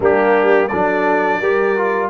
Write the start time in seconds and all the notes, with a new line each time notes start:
0.00 G3 A#3 D4 G4
0.68 F#3 D4 A4 D5
1.40 G3 G4 A#4
1.77 F4